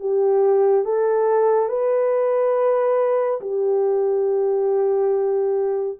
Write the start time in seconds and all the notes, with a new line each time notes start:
0.00 G4
0.85 A4
1.69 B4
3.41 G4